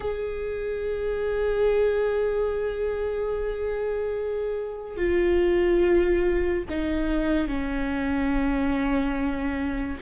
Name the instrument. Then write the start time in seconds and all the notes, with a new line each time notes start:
viola
0.00 G#4
4.96 F4
6.69 D#4
7.47 C#4